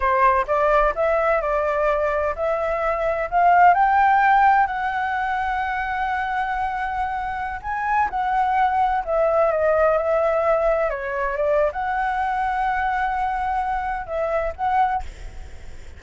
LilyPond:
\new Staff \with { instrumentName = "flute" } { \time 4/4 \tempo 4 = 128 c''4 d''4 e''4 d''4~ | d''4 e''2 f''4 | g''2 fis''2~ | fis''1~ |
fis''16 gis''4 fis''2 e''8.~ | e''16 dis''4 e''2 cis''8.~ | cis''16 d''8. fis''2.~ | fis''2 e''4 fis''4 | }